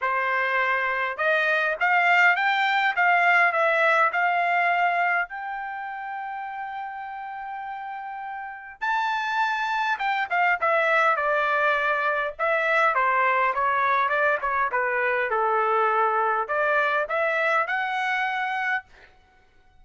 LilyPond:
\new Staff \with { instrumentName = "trumpet" } { \time 4/4 \tempo 4 = 102 c''2 dis''4 f''4 | g''4 f''4 e''4 f''4~ | f''4 g''2.~ | g''2. a''4~ |
a''4 g''8 f''8 e''4 d''4~ | d''4 e''4 c''4 cis''4 | d''8 cis''8 b'4 a'2 | d''4 e''4 fis''2 | }